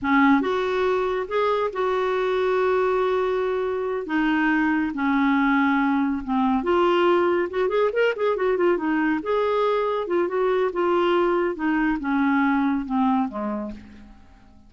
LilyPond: \new Staff \with { instrumentName = "clarinet" } { \time 4/4 \tempo 4 = 140 cis'4 fis'2 gis'4 | fis'1~ | fis'4. dis'2 cis'8~ | cis'2~ cis'8 c'4 f'8~ |
f'4. fis'8 gis'8 ais'8 gis'8 fis'8 | f'8 dis'4 gis'2 f'8 | fis'4 f'2 dis'4 | cis'2 c'4 gis4 | }